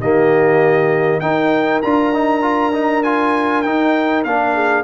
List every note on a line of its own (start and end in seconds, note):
0.00 1.22 D#3
0.00 1.22 A#3
0.00 1.21 G4
0.00 1.20 D#5
1.20 1.83 D#4
1.20 4.54 A#4
1.20 1.81 G5
1.82 3.66 D4
1.82 2.13 F4
1.82 3.04 A#5
2.13 2.42 D#4
2.42 2.72 F4
2.73 3.03 D#4
3.04 3.65 F4
3.04 3.62 G#5
3.62 4.25 D#4
3.62 4.26 D#4
3.62 4.23 G5
4.24 4.84 A#3
4.24 4.84 D4
4.24 4.84 F5
4.54 4.84 G#4